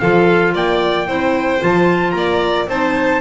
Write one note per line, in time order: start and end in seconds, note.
0.00 0.54 F3
0.00 1.06 F4
0.00 0.54 A4
0.00 0.54 F5
0.54 1.08 A#3
0.54 1.07 D5
0.54 1.63 G5
1.06 1.61 C4
1.06 1.59 E4
1.06 2.14 C5
1.59 2.14 F3
1.59 2.67 F4
1.59 2.11 A5
2.11 2.67 A#3
2.11 2.65 A#5
2.17 2.69 D5
2.68 3.21 C4
2.68 3.21 D#4
2.68 3.21 C5
2.68 3.21 A5